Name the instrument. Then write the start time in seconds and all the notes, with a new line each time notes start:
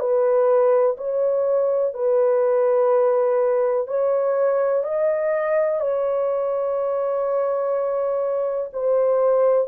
horn
0.00 B4
0.98 C#5
1.94 B4
3.88 C#5
4.84 D#5
5.80 C#5
8.73 C5